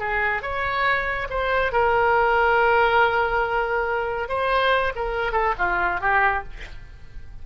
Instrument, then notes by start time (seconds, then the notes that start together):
oboe
0.00 G#4
0.42 C#5
1.30 C5
1.73 A#4
4.29 C5
4.96 A#4
5.33 A4
5.59 F4
6.01 G4